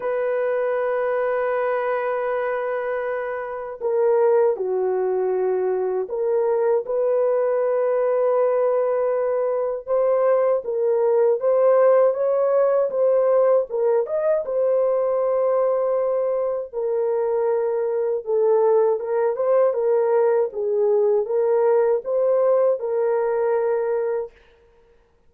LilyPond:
\new Staff \with { instrumentName = "horn" } { \time 4/4 \tempo 4 = 79 b'1~ | b'4 ais'4 fis'2 | ais'4 b'2.~ | b'4 c''4 ais'4 c''4 |
cis''4 c''4 ais'8 dis''8 c''4~ | c''2 ais'2 | a'4 ais'8 c''8 ais'4 gis'4 | ais'4 c''4 ais'2 | }